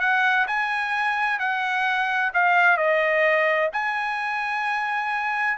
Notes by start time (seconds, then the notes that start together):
0.00 F#5
0.48 G#5
1.39 F#5
2.34 F5
2.77 D#5
3.73 G#5